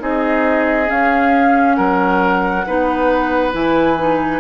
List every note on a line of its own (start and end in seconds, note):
0.00 0.90 C4
0.00 0.86 D#4
0.00 1.77 G#4
0.00 0.90 D#5
0.86 2.62 C#4
0.86 1.78 C#4
0.86 1.76 F5
1.76 2.67 F#3
1.76 2.65 A#4
1.76 3.52 F#5
2.67 3.54 B3
2.67 3.53 D#4
2.67 4.41 B4
3.53 4.41 E3
3.53 3.97 E4
3.53 4.41 G#5
3.98 4.41 D#4